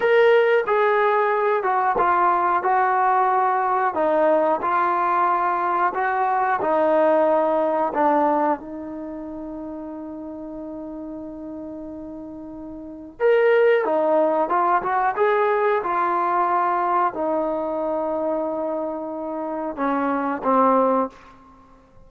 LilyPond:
\new Staff \with { instrumentName = "trombone" } { \time 4/4 \tempo 4 = 91 ais'4 gis'4. fis'8 f'4 | fis'2 dis'4 f'4~ | f'4 fis'4 dis'2 | d'4 dis'2.~ |
dis'1 | ais'4 dis'4 f'8 fis'8 gis'4 | f'2 dis'2~ | dis'2 cis'4 c'4 | }